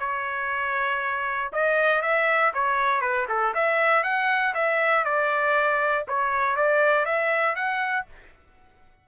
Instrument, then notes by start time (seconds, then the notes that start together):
trumpet
0.00 C#5
1.53 D#5
2.02 E5
2.54 C#5
3.01 B4
3.29 A4
3.55 E5
4.04 F#5
4.54 E5
5.05 D5
6.08 C#5
6.56 D5
7.06 E5
7.56 F#5